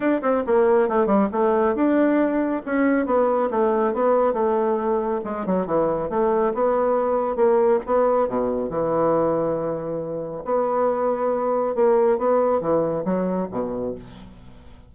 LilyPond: \new Staff \with { instrumentName = "bassoon" } { \time 4/4 \tempo 4 = 138 d'8 c'8 ais4 a8 g8 a4 | d'2 cis'4 b4 | a4 b4 a2 | gis8 fis8 e4 a4 b4~ |
b4 ais4 b4 b,4 | e1 | b2. ais4 | b4 e4 fis4 b,4 | }